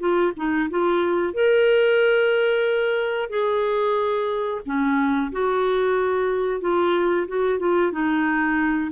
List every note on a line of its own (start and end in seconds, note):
0.00 0.33 F4
0.37 0.70 D#4
0.70 1.34 F4
1.34 3.30 A#4
3.30 4.62 G#4
4.66 5.32 C#4
5.32 6.61 F#4
6.61 7.27 F4
7.28 7.59 F#4
7.59 7.92 F4
7.92 8.91 D#4